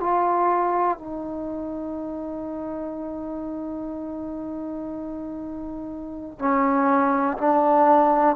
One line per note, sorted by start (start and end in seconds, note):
0.00 0.98 F4
0.98 6.39 D#4
6.39 7.37 C#4
7.37 8.36 D4